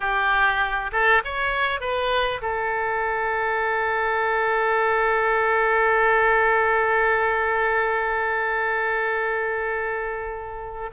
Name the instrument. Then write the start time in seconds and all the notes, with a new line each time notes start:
oboe
0.00 G4
0.92 A4
1.24 C#5
1.80 B4
2.41 A4